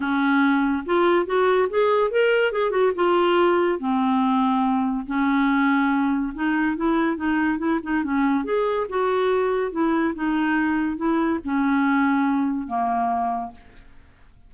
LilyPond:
\new Staff \with { instrumentName = "clarinet" } { \time 4/4 \tempo 4 = 142 cis'2 f'4 fis'4 | gis'4 ais'4 gis'8 fis'8 f'4~ | f'4 c'2. | cis'2. dis'4 |
e'4 dis'4 e'8 dis'8 cis'4 | gis'4 fis'2 e'4 | dis'2 e'4 cis'4~ | cis'2 ais2 | }